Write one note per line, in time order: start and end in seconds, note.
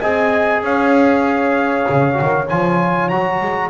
0.00 0.63 C4
0.00 2.14 G#4
0.00 0.62 D#5
0.00 0.62 G#5
0.63 1.87 C#4
0.63 3.71 C#5
0.63 2.49 F5
1.90 2.21 C#3
2.14 2.45 F#4
2.22 2.51 D#3
2.49 3.13 F3
2.49 3.11 F4
2.49 3.09 G#5
3.09 3.41 F#3
3.09 3.71 F#4
3.09 3.71 A#5
3.41 3.71 G#3